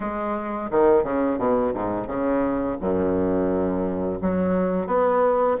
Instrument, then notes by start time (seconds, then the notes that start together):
bassoon
0.00 G#3
0.70 D#3
1.03 C#3
1.38 B2
1.74 G#2
2.07 C#3
2.80 F#2
4.21 F#3
4.86 B3